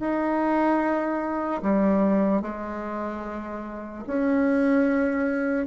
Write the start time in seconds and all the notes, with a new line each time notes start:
0.00 D#4
1.63 G3
2.42 G#3
4.07 C#4